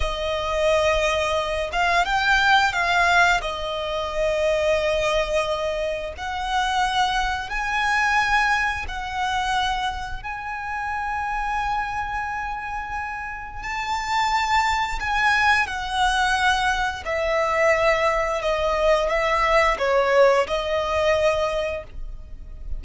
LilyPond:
\new Staff \with { instrumentName = "violin" } { \time 4/4 \tempo 4 = 88 dis''2~ dis''8 f''8 g''4 | f''4 dis''2.~ | dis''4 fis''2 gis''4~ | gis''4 fis''2 gis''4~ |
gis''1 | a''2 gis''4 fis''4~ | fis''4 e''2 dis''4 | e''4 cis''4 dis''2 | }